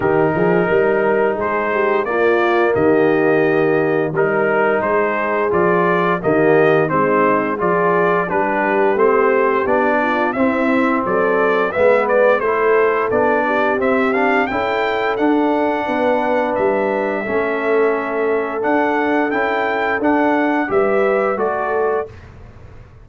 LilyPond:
<<
  \new Staff \with { instrumentName = "trumpet" } { \time 4/4 \tempo 4 = 87 ais'2 c''4 d''4 | dis''2 ais'4 c''4 | d''4 dis''4 c''4 d''4 | b'4 c''4 d''4 e''4 |
d''4 e''8 d''8 c''4 d''4 | e''8 f''8 g''4 fis''2 | e''2. fis''4 | g''4 fis''4 e''4 d''4 | }
  \new Staff \with { instrumentName = "horn" } { \time 4/4 g'8 gis'8 ais'4 gis'8 g'8 f'4 | g'2 ais'4 gis'4~ | gis'4 g'4 dis'4 gis'4 | g'2~ g'8 f'8 e'4 |
a'4 b'4 a'4. g'8~ | g'4 a'2 b'4~ | b'4 a'2.~ | a'2 b'4 a'4 | }
  \new Staff \with { instrumentName = "trombone" } { \time 4/4 dis'2. ais4~ | ais2 dis'2 | f'4 ais4 c'4 f'4 | d'4 c'4 d'4 c'4~ |
c'4 b4 e'4 d'4 | c'8 d'8 e'4 d'2~ | d'4 cis'2 d'4 | e'4 d'4 g'4 fis'4 | }
  \new Staff \with { instrumentName = "tuba" } { \time 4/4 dis8 f8 g4 gis4 ais4 | dis2 g4 gis4 | f4 dis4 gis4 f4 | g4 a4 b4 c'4 |
fis4 gis4 a4 b4 | c'4 cis'4 d'4 b4 | g4 a2 d'4 | cis'4 d'4 g4 a4 | }
>>